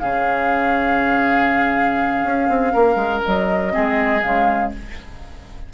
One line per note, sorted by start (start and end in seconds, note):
0.00 2.24 C#3
0.00 3.71 C#4
0.00 2.73 G#4
0.00 3.22 F5
2.24 2.49 C#4
2.49 2.74 C4
2.73 2.96 A#3
2.73 3.73 A#4
2.96 3.21 G#3
3.25 3.77 F#3
3.25 4.23 D#5
3.71 4.24 G#3
3.71 4.21 C4
3.71 4.73 G#4
4.23 4.73 C#3
4.23 4.74 G#3
4.23 4.72 F5